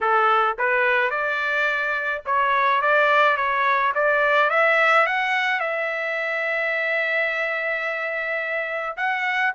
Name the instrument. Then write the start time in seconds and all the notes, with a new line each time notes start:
trumpet
0.00 A4
0.58 B4
1.10 D5
2.25 C#5
2.81 D5
3.36 C#5
3.94 D5
4.50 E5
5.06 F#5
5.59 E5
8.96 F#5